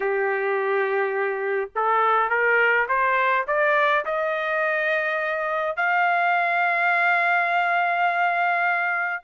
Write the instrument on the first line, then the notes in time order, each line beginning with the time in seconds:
trumpet
0.00 G4
1.75 A4
2.29 A#4
2.88 C5
3.47 D5
4.05 D#5
5.76 F5